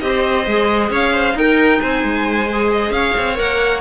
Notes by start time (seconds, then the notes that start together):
0.00 C4 G4 C5 D#5
0.46 G#3 G#4
0.90 C#4 C#5 F5
1.13 C5
1.33 D#4 A#4 G5
1.81 C4 C5 G#5
2.03 G#3
2.50 G#4
2.71 D#5
2.90 C#4 F5
2.96 C#5
3.17 C4
3.34 A#3 A#4 F#5